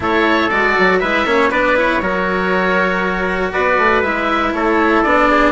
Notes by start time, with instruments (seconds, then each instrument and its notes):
0.00 bassoon A3, cello E4, trumpet A4, oboe C#5
0.49 bassoon G#3, cello F#4, oboe D5
0.78 bassoon F#3
0.98 bassoon G#3, cello E4, trumpet B4, oboe E5
1.25 bassoon A#3, cello C#4, trumpet C#5
1.50 bassoon B3, cello D4, trumpet B4, oboe D5
1.76 cello E4, oboe C#5
2.01 bassoon F#3, cello F#4, trumpet A#4
3.52 bassoon B3, trumpet B4, oboe D5
3.78 bassoon A3
4.02 bassoon G#3, cello E4, oboe E5
4.52 bassoon A3, trumpet A4, oboe C#5
5.02 bassoon B3, cello D4, oboe D5
5.30 trumpet G#4